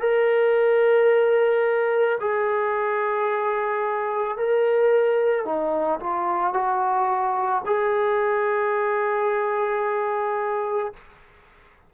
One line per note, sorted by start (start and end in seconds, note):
0.00 2.18 A#4
2.20 4.37 G#4
4.37 5.44 A#4
5.44 5.99 D#4
5.99 6.53 F4
6.53 7.62 F#4
7.66 10.93 G#4